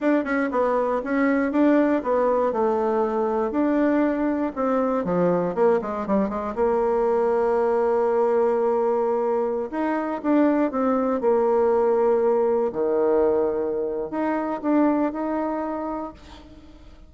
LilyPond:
\new Staff \with { instrumentName = "bassoon" } { \time 4/4 \tempo 4 = 119 d'8 cis'8 b4 cis'4 d'4 | b4 a2 d'4~ | d'4 c'4 f4 ais8 gis8 | g8 gis8 ais2.~ |
ais2.~ ais16 dis'8.~ | dis'16 d'4 c'4 ais4.~ ais16~ | ais4~ ais16 dis2~ dis8. | dis'4 d'4 dis'2 | }